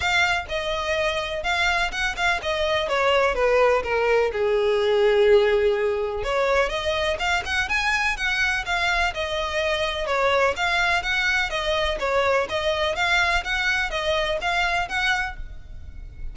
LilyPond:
\new Staff \with { instrumentName = "violin" } { \time 4/4 \tempo 4 = 125 f''4 dis''2 f''4 | fis''8 f''8 dis''4 cis''4 b'4 | ais'4 gis'2.~ | gis'4 cis''4 dis''4 f''8 fis''8 |
gis''4 fis''4 f''4 dis''4~ | dis''4 cis''4 f''4 fis''4 | dis''4 cis''4 dis''4 f''4 | fis''4 dis''4 f''4 fis''4 | }